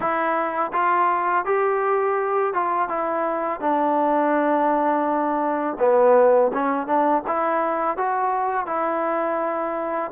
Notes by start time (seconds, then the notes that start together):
0.00 E4
0.72 F4
1.45 G4
2.53 F4
2.88 E4
3.60 D4
5.79 B3
6.53 C#4
6.86 D4
7.27 E4
7.97 F#4
8.66 E4